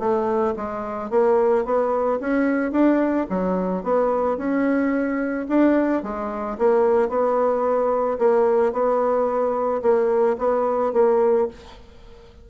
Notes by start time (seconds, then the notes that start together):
0.00 A3
0.57 G#3
1.11 A#3
1.65 B3
2.21 C#4
2.72 D4
3.30 F#3
3.84 B3
4.38 C#4
5.49 D4
6.03 G#3
6.59 A#3
7.09 B3
8.19 A#3
8.73 B3
9.83 A#3
10.39 B3
10.93 A#3